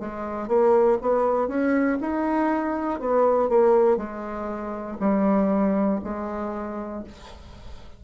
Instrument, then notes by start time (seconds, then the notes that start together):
bassoon
0.00 G#3
0.48 A#3
1.02 B3
1.48 C#4
2.00 D#4
3.00 B3
3.49 A#3
3.97 G#3
5.00 G3
6.04 G#3